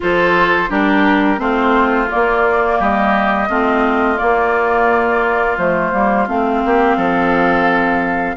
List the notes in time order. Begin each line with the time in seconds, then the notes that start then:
0.00 F3 F4 A4 C5
0.68 G3 D4 G4 A#4
1.37 A3 C4 F4 C5
2.08 A#3 D5
2.78 G3 G4 D#5
3.48 A3 C4 F4
4.17 A#3 D5
5.57 F3 A3 C5
5.92 G3 A#3
6.27 A3 C4 F5
6.65 A#3 G4
6.96 F3 A4